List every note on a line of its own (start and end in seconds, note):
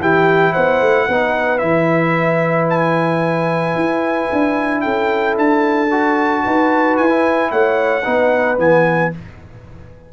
0.00 0.54 E3
0.00 1.10 E4
0.00 0.53 G4
0.00 0.53 G5
0.53 0.81 B3
0.53 1.07 C5
0.53 1.59 F#5
0.81 1.08 A3
1.08 1.62 B3
1.08 1.60 D#4
1.08 4.83 B4
1.59 3.75 E3
1.59 5.88 E4
1.59 2.66 E5
2.70 4.81 G#5
3.75 4.29 E4
4.33 4.86 D4
4.81 5.38 C#4
4.81 6.44 A4
4.81 5.35 G5
5.38 6.45 D4
5.38 6.97 A5
5.91 7.09 F#4
6.44 6.99 D#4
6.44 7.51 B4
6.97 7.52 E4
6.97 7.51 G#5
7.09 8.03 E4
7.51 8.05 A3
7.51 8.04 C#5
7.51 8.59 F#5
8.04 8.59 B3
8.04 8.58 D#4
8.04 9.11 B4
8.58 9.12 E3
8.58 9.11 B3
8.58 9.13 G#5